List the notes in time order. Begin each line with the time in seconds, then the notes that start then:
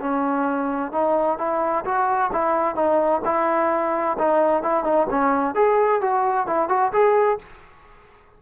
0.00 C#4
0.92 D#4
1.38 E4
1.85 F#4
2.32 E4
2.75 D#4
3.25 E4
4.18 D#4
4.63 E4
4.84 D#4
5.10 C#4
5.55 G#4
6.01 F#4
6.47 E4
6.69 F#4
6.92 G#4